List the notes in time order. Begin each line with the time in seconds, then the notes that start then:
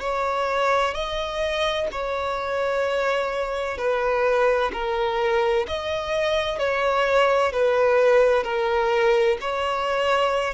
0.00 C#5
0.94 D#5
1.92 C#5
3.78 B4
4.73 A#4
5.68 D#5
6.59 C#5
7.52 B4
8.44 A#4
9.41 C#5